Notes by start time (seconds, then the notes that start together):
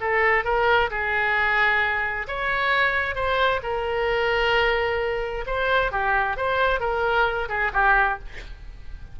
0.00 A4
0.44 A#4
0.90 G#4
2.27 C#5
3.15 C5
3.62 A#4
5.46 C5
5.91 G4
6.36 C5
6.80 A#4
7.48 G#4
7.73 G4